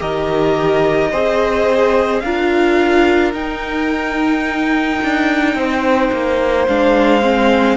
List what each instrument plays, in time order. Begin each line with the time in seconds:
0.00 cello D#3, viola G4, violin A#4 D#5
1.11 cello C4, viola G#4, violin C5
2.20 cello D4, viola F4, violin A#4 F5
3.33 cello D#4, viola D#4, violin G5
5.03 cello D4
5.55 cello C4, violin C5
6.12 cello A#3
6.68 cello G#3, viola D4, violin F5
7.22 viola C4